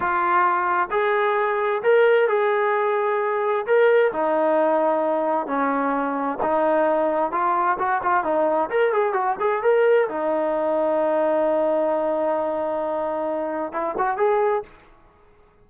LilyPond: \new Staff \with { instrumentName = "trombone" } { \time 4/4 \tempo 4 = 131 f'2 gis'2 | ais'4 gis'2. | ais'4 dis'2. | cis'2 dis'2 |
f'4 fis'8 f'8 dis'4 ais'8 gis'8 | fis'8 gis'8 ais'4 dis'2~ | dis'1~ | dis'2 e'8 fis'8 gis'4 | }